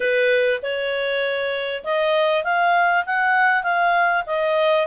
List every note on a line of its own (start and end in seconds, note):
0.00 0.60 B4
0.62 1.83 C#5
1.83 2.44 D#5
2.44 3.04 F5
3.06 3.63 F#5
3.63 4.23 F5
4.26 4.86 D#5